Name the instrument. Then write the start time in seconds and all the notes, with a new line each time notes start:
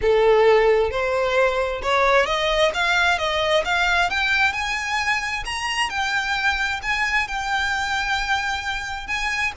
violin
0.01 A4
0.90 C5
1.82 C#5
2.26 D#5
2.74 F5
3.18 D#5
3.65 F5
4.10 G5
4.52 G#5
5.45 A#5
5.89 G5
6.82 G#5
7.27 G5
9.07 G#5